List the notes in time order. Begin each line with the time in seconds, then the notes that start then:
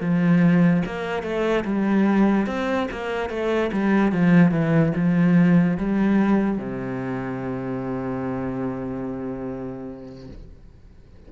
0.00 F3
0.85 A#3
1.22 A3
1.64 G3
2.46 C4
2.91 A#3
3.30 A3
3.72 G3
4.12 F3
4.51 E3
4.95 F3
5.77 G3
6.58 C3